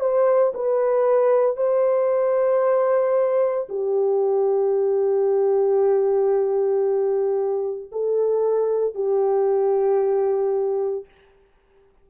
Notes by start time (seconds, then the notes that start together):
0.00 C5
0.54 B4
1.56 C5
3.69 G4
7.92 A4
8.94 G4